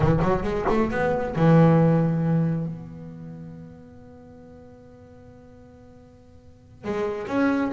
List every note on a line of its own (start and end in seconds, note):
0.00 0.19 E3
0.21 0.43 F#3
0.43 0.65 G#3
0.68 0.90 A3
0.90 1.35 B3
1.35 2.66 E3
2.66 6.84 B3
6.84 7.27 G#3
7.27 7.71 C#4